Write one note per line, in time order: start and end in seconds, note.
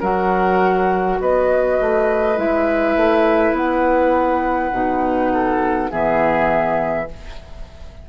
0.00 1.20 F#3
0.00 2.37 F#4
0.00 1.18 A#4
0.00 1.21 F#5
1.20 1.79 B3
1.20 5.33 B4
1.20 2.38 D#5
1.81 2.38 A3
2.37 2.97 G#3
2.37 4.72 E4
2.37 3.56 E5
2.97 3.52 A3
3.52 4.70 B3
3.52 5.91 F#5
4.72 5.90 B2
4.72 5.90 D#4
5.33 5.91 A4
5.90 7.09 E3
5.90 7.08 B3
5.90 7.09 G#4
5.90 7.09 E5